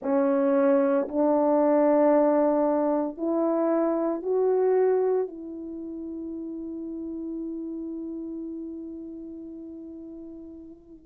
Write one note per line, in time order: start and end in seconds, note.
0.02 1.08 C#4
1.08 3.17 D4
3.17 4.22 E4
4.22 5.27 F#4
5.27 11.05 E4